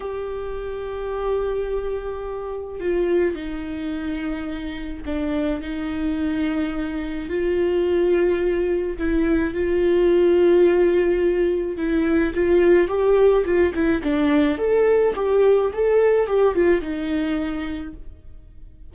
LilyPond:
\new Staff \with { instrumentName = "viola" } { \time 4/4 \tempo 4 = 107 g'1~ | g'4 f'4 dis'2~ | dis'4 d'4 dis'2~ | dis'4 f'2. |
e'4 f'2.~ | f'4 e'4 f'4 g'4 | f'8 e'8 d'4 a'4 g'4 | a'4 g'8 f'8 dis'2 | }